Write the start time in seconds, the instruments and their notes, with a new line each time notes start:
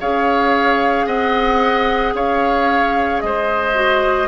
0.00 bassoon C#4, clarinet G#4, oboe C#5, flute F5
1.06 bassoon C4, oboe D#5, flute F#5
2.13 bassoon C#4, oboe C#5, flute F5
3.20 bassoon G#3, oboe C5, flute D#5
3.74 clarinet F#4